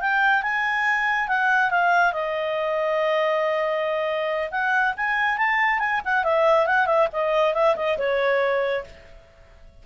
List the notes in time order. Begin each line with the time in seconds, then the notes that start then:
0.00 G5
0.42 G#5
1.28 F#5
1.70 F5
2.12 D#5
4.50 F#5
4.96 G#5
5.37 A5
5.79 G#5
6.04 F#5
6.24 E5
6.66 F#5
6.86 E5
7.12 D#5
7.54 E5
7.75 D#5
7.98 C#5